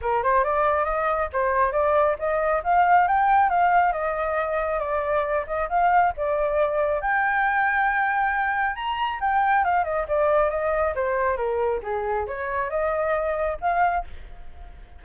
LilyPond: \new Staff \with { instrumentName = "flute" } { \time 4/4 \tempo 4 = 137 ais'8 c''8 d''4 dis''4 c''4 | d''4 dis''4 f''4 g''4 | f''4 dis''2 d''4~ | d''8 dis''8 f''4 d''2 |
g''1 | ais''4 g''4 f''8 dis''8 d''4 | dis''4 c''4 ais'4 gis'4 | cis''4 dis''2 f''4 | }